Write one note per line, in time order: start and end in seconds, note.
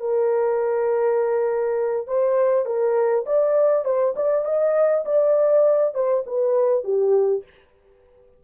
0.00 2.07 A#4
2.07 2.66 C5
2.66 3.25 A#4
3.26 3.85 D5
3.85 4.14 C5
4.16 4.45 D5
4.45 5.04 D#5
5.05 5.94 D5
5.94 6.24 C5
6.26 6.84 B4
6.84 7.43 G4